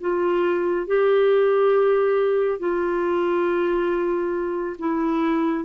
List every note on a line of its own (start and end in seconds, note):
0.00 0.87 F4
0.87 2.59 G4
2.59 4.76 F4
4.78 5.64 E4